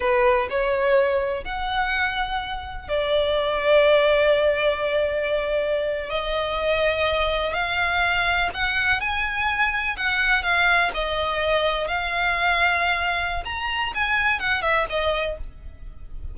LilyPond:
\new Staff \with { instrumentName = "violin" } { \time 4/4 \tempo 4 = 125 b'4 cis''2 fis''4~ | fis''2 d''2~ | d''1~ | d''8. dis''2. f''16~ |
f''4.~ f''16 fis''4 gis''4~ gis''16~ | gis''8. fis''4 f''4 dis''4~ dis''16~ | dis''8. f''2.~ f''16 | ais''4 gis''4 fis''8 e''8 dis''4 | }